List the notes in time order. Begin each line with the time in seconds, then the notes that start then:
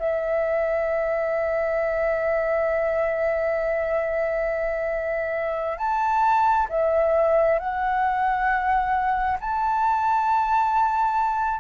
0.00 E5
5.78 A5
6.70 E5
7.60 F#5
9.41 A5